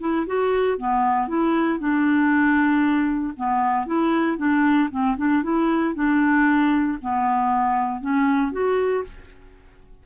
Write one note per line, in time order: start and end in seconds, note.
0.00 0.26 E4
0.26 0.78 F#4
0.78 1.28 B3
1.28 1.79 E4
1.79 3.34 D4
3.37 3.86 B3
3.86 4.38 E4
4.38 4.89 D4
4.91 5.17 C4
5.17 5.43 D4
5.43 5.95 E4
5.95 6.98 D4
7.01 8.01 B3
8.01 8.52 C#4
8.52 9.04 F#4